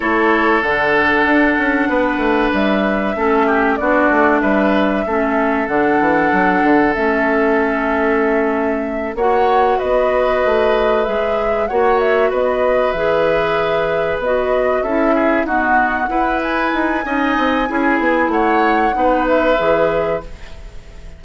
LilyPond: <<
  \new Staff \with { instrumentName = "flute" } { \time 4/4 \tempo 4 = 95 cis''4 fis''2. | e''2 d''4 e''4~ | e''4 fis''2 e''4~ | e''2~ e''8 fis''4 dis''8~ |
dis''4. e''4 fis''8 e''8 dis''8~ | dis''8 e''2 dis''4 e''8~ | e''8 fis''4. gis''2~ | gis''4 fis''4. e''4. | }
  \new Staff \with { instrumentName = "oboe" } { \time 4/4 a'2. b'4~ | b'4 a'8 g'8 fis'4 b'4 | a'1~ | a'2~ a'8 cis''4 b'8~ |
b'2~ b'8 cis''4 b'8~ | b'2.~ b'8 a'8 | gis'8 fis'4 b'4. dis''4 | gis'4 cis''4 b'2 | }
  \new Staff \with { instrumentName = "clarinet" } { \time 4/4 e'4 d'2.~ | d'4 cis'4 d'2 | cis'4 d'2 cis'4~ | cis'2~ cis'8 fis'4.~ |
fis'4. gis'4 fis'4.~ | fis'8 gis'2 fis'4 e'8~ | e'8 b4 e'4. dis'4 | e'2 dis'4 gis'4 | }
  \new Staff \with { instrumentName = "bassoon" } { \time 4/4 a4 d4 d'8 cis'8 b8 a8 | g4 a4 b8 a8 g4 | a4 d8 e8 fis8 d8 a4~ | a2~ a8 ais4 b8~ |
b8 a4 gis4 ais4 b8~ | b8 e2 b4 cis'8~ | cis'8 dis'4 e'4 dis'8 cis'8 c'8 | cis'8 b8 a4 b4 e4 | }
>>